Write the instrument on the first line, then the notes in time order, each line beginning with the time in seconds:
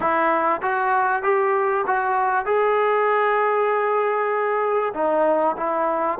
trombone
0.00 E4
0.62 F#4
1.23 G4
1.86 F#4
2.45 G#4
4.93 D#4
5.57 E4